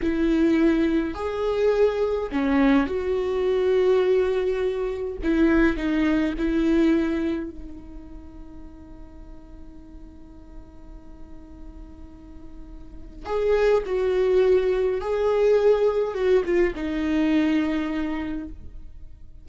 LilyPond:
\new Staff \with { instrumentName = "viola" } { \time 4/4 \tempo 4 = 104 e'2 gis'2 | cis'4 fis'2.~ | fis'4 e'4 dis'4 e'4~ | e'4 dis'2.~ |
dis'1~ | dis'2. gis'4 | fis'2 gis'2 | fis'8 f'8 dis'2. | }